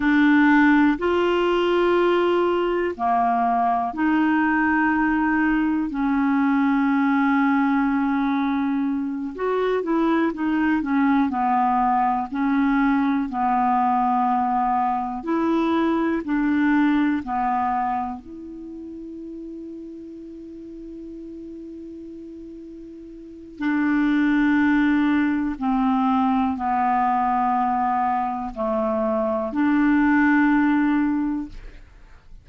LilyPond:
\new Staff \with { instrumentName = "clarinet" } { \time 4/4 \tempo 4 = 61 d'4 f'2 ais4 | dis'2 cis'2~ | cis'4. fis'8 e'8 dis'8 cis'8 b8~ | b8 cis'4 b2 e'8~ |
e'8 d'4 b4 e'4.~ | e'1 | d'2 c'4 b4~ | b4 a4 d'2 | }